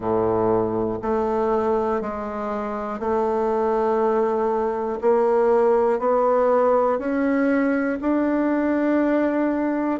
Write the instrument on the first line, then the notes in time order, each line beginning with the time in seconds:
bassoon
0.00 A2
1.02 A3
2.01 G#3
2.99 A3
5.01 A#3
5.99 B3
6.99 C#4
8.01 D4